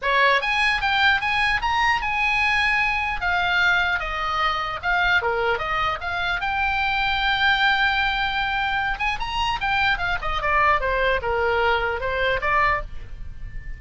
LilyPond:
\new Staff \with { instrumentName = "oboe" } { \time 4/4 \tempo 4 = 150 cis''4 gis''4 g''4 gis''4 | ais''4 gis''2. | f''2 dis''2 | f''4 ais'4 dis''4 f''4 |
g''1~ | g''2~ g''8 gis''8 ais''4 | g''4 f''8 dis''8 d''4 c''4 | ais'2 c''4 d''4 | }